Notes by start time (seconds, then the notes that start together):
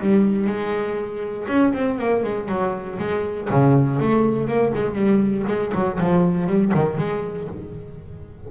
0.00 G3
0.47 G#3
1.48 C#4
1.73 C4
1.98 A#3
2.23 G#3
2.48 F#3
2.99 G#3
3.50 C#3
4.00 A3
4.47 A#3
4.75 G#3
4.95 G3
5.47 G#3
5.74 F#3
6.00 F3
6.47 G3
6.75 D#3
6.97 G#3